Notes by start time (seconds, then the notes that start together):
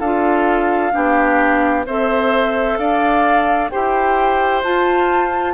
0.00 D4 F4 A4 F5
0.92 B3 D4 G4
1.86 C4 A4 C5 E5
2.77 D4 D5 F5
3.70 E4 G4 C5 G5
4.64 F4 A5